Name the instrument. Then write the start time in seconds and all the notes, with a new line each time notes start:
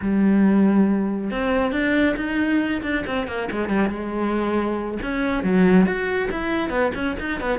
cello
0.01 G3
1.30 C4
1.72 D4
2.16 D#4
2.82 D4
3.06 C4
3.27 A#3
3.51 G#3
3.68 G3
3.89 G#3
5.02 C#4
5.43 F#3
5.86 F#4
6.31 E4
6.69 B3
6.94 C#4
7.19 D#4
7.40 B3